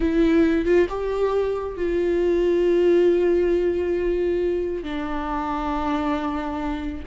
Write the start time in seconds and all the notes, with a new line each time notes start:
0.00 E4
0.65 F4
0.89 G4
1.76 F4
4.83 D4